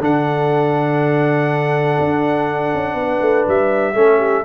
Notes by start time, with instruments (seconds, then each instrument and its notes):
0.00 tuba D3, trombone D4, horn A4, trumpet F#5
2.00 tuba D4
2.74 tuba C#4
2.94 tuba B3
3.00 horn B4
3.21 tuba A3
3.47 tuba G3, trumpet E5
3.93 tuba A3, trombone C#4, horn A4
4.17 horn G4